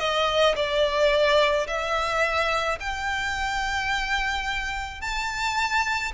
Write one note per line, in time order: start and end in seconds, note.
0.00 0.56 D#5
0.56 1.67 D5
1.68 2.79 E5
2.80 5.01 G5
5.01 6.12 A5